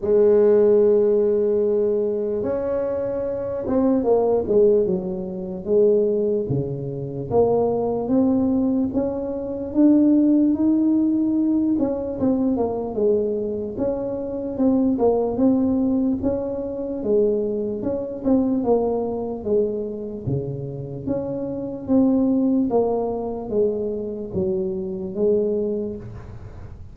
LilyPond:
\new Staff \with { instrumentName = "tuba" } { \time 4/4 \tempo 4 = 74 gis2. cis'4~ | cis'8 c'8 ais8 gis8 fis4 gis4 | cis4 ais4 c'4 cis'4 | d'4 dis'4. cis'8 c'8 ais8 |
gis4 cis'4 c'8 ais8 c'4 | cis'4 gis4 cis'8 c'8 ais4 | gis4 cis4 cis'4 c'4 | ais4 gis4 fis4 gis4 | }